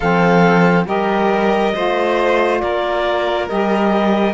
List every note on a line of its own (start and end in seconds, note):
0.00 0.86 F3
0.00 0.86 C4
0.00 0.84 A4
0.00 0.84 F5
0.86 1.73 G3
0.86 1.73 G4
0.86 1.74 A#4
0.86 2.59 D#5
1.74 2.62 A3
1.74 3.48 F4
1.74 2.61 C5
2.59 3.50 A#3
2.59 4.34 A#4
2.59 3.46 D5
3.48 4.34 G3
3.48 4.34 G4
3.48 4.34 D#5